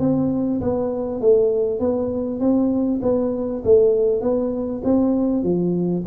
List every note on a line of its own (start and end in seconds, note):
0.00 0.61 C4
0.61 1.21 B3
1.21 1.80 A3
1.80 2.40 B3
2.40 3.01 C4
3.02 3.63 B3
3.65 4.22 A3
4.22 4.82 B3
4.84 5.44 C4
5.44 6.04 F3